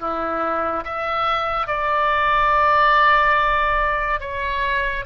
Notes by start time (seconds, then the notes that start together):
0.00 E4
0.85 E5
1.67 D5
4.21 C#5